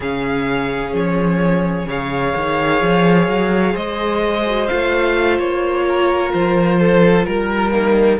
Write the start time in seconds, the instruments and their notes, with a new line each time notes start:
0.00 cello C#3, viola C#4, violin G#4 F5
0.93 cello F3, violin C#5
1.86 cello C#3, viola G#4, violin C#5 F5
2.36 cello D#3
2.81 cello F3
3.27 cello F#3
3.73 cello G#3, violin C5 D#5
4.46 viola F#4
4.67 cello A3, viola F4, violin F5
5.38 cello A#3, violin C#5
5.88 violin A#4
6.32 cello F3, violin C5
6.79 violin A4
7.24 cello G3, violin A#4
7.71 violin A#3, viola D#4